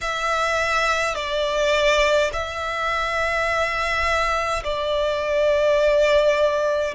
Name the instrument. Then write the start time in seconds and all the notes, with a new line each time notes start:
violin
0.01 E5
1.15 D5
2.32 E5
4.63 D5